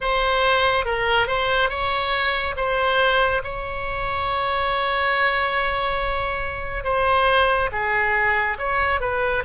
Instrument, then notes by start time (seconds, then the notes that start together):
oboe
0.00 C5
0.85 A#4
1.27 C5
1.69 C#5
2.56 C5
3.43 C#5
6.84 C5
7.71 G#4
8.58 C#5
9.00 B4